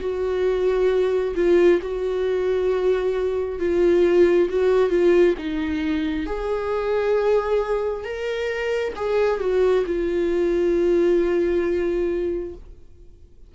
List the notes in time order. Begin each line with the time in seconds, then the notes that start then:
0.00 F#4
1.35 F4
1.82 F#4
3.59 F4
4.49 F#4
4.89 F4
5.38 D#4
6.26 G#4
8.04 A#4
8.96 G#4
9.40 F#4
9.86 F4